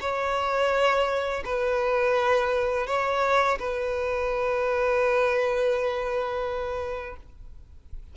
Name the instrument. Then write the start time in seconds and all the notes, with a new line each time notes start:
violin
0.00 C#5
1.44 B4
2.87 C#5
3.59 B4